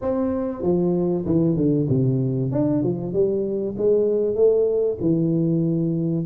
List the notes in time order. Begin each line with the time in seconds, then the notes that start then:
0.01 C4
0.62 F3
1.25 E3
1.56 D3
1.89 C3
2.51 D4
2.83 F3
3.12 G3
3.77 G#3
4.35 A3
5.01 E3